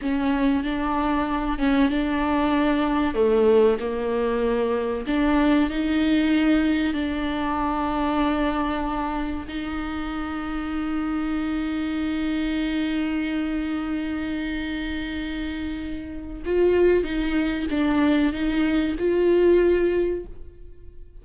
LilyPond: \new Staff \with { instrumentName = "viola" } { \time 4/4 \tempo 4 = 95 cis'4 d'4. cis'8 d'4~ | d'4 a4 ais2 | d'4 dis'2 d'4~ | d'2. dis'4~ |
dis'1~ | dis'1~ | dis'2 f'4 dis'4 | d'4 dis'4 f'2 | }